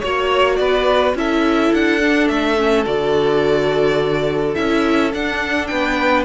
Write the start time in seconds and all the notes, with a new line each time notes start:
0.00 A#3 F#4 C#5
0.56 B3 B4 D5
1.14 C#4 E4 A4 E5
1.73 D4 F#5
2.00 D4
2.28 A3 E5
2.57 C#4
2.85 D3 F#4 D5
4.55 C#4 E4 E5
5.13 D4 F#5
5.67 B3 B4 G5